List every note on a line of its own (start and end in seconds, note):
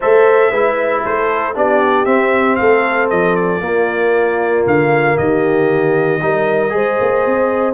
0.00 0.51 A3
0.00 0.53 A4
0.00 0.50 C5
0.00 1.04 E5
0.50 1.03 G#3
0.50 1.54 E4
0.50 1.02 B4
1.04 1.56 A3
1.04 1.55 A4
1.04 1.56 C5
1.54 2.06 B3
1.54 2.05 D4
1.54 2.58 G4
1.54 2.05 D5
2.05 3.60 C4
2.05 2.57 C4
2.05 2.55 E5
2.55 3.11 A3
2.55 3.62 A4
2.55 3.07 F5
3.09 3.60 F3
3.09 3.35 D#5
3.35 4.65 D5
3.60 4.63 A#3
3.60 6.20 A#3
3.60 5.17 F4
4.66 5.18 D3
4.66 5.17 F5
5.17 6.21 D#3
5.17 6.21 G4
5.17 7.74 D#5
6.21 6.73 G3
6.21 6.69 D#4
6.21 6.74 A#4
6.69 6.98 G#3
6.69 7.72 G#4
6.69 7.74 C5
7.00 7.25 A#3
7.25 7.74 C4